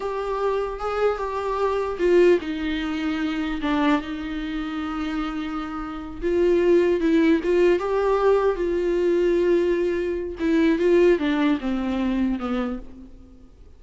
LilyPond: \new Staff \with { instrumentName = "viola" } { \time 4/4 \tempo 4 = 150 g'2 gis'4 g'4~ | g'4 f'4 dis'2~ | dis'4 d'4 dis'2~ | dis'2.~ dis'8 f'8~ |
f'4. e'4 f'4 g'8~ | g'4. f'2~ f'8~ | f'2 e'4 f'4 | d'4 c'2 b4 | }